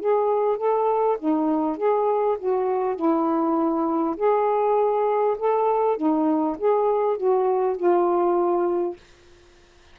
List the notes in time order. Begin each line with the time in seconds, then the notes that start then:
0.00 G#4
0.57 A4
1.19 D#4
1.77 G#4
2.38 F#4
2.96 E4
4.17 G#4
5.38 A4
5.97 D#4
6.57 G#4
7.17 F#4
7.76 F4